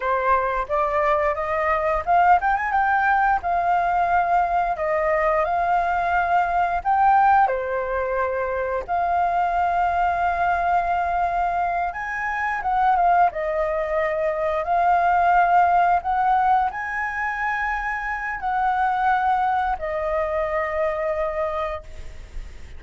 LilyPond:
\new Staff \with { instrumentName = "flute" } { \time 4/4 \tempo 4 = 88 c''4 d''4 dis''4 f''8 g''16 gis''16 | g''4 f''2 dis''4 | f''2 g''4 c''4~ | c''4 f''2.~ |
f''4. gis''4 fis''8 f''8 dis''8~ | dis''4. f''2 fis''8~ | fis''8 gis''2~ gis''8 fis''4~ | fis''4 dis''2. | }